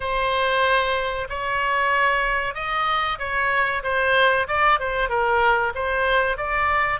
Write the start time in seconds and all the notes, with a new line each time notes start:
0.00 C5
1.29 C#5
2.54 D#5
3.19 C#5
3.83 C5
4.47 D5
4.79 C5
5.09 A#4
5.74 C5
6.37 D5